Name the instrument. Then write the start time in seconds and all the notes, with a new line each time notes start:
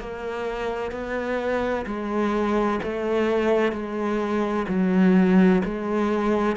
cello
0.00 A#3
0.92 B3
1.86 G#3
2.83 A3
3.72 G#3
4.69 F#3
5.65 G#3